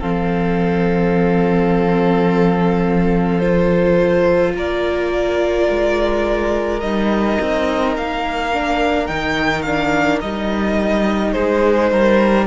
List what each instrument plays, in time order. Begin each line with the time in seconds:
0.00 cello F3, viola C4, violin A4 F5
3.39 viola F4, violin C5
4.54 cello A#3, violin A#4 D5
5.70 cello G#3
6.80 cello G3, viola D#4, violin D#5
7.42 cello C4
7.97 cello A#3, violin F5
8.53 viola D4
9.07 cello D#3, viola D#4, violin G5
9.62 viola D4, violin F5
10.21 cello G3, viola D#4, violin D#5
11.32 cello G#3, violin G#4 C5
11.92 cello G3, violin A#4